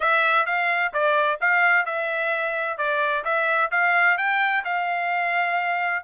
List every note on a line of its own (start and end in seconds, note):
0.00 0.45 E5
0.45 0.92 F5
0.93 1.39 D5
1.40 1.85 F5
1.85 2.77 E5
2.77 3.24 D5
3.24 3.70 E5
3.71 4.17 F5
4.17 4.64 G5
4.64 6.03 F5